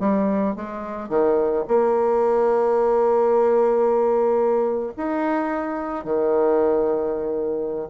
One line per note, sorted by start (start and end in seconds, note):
0.00 0.56 G3
0.56 1.09 G#3
1.09 1.66 D#3
1.68 4.93 A#3
4.97 6.05 D#4
6.05 7.89 D#3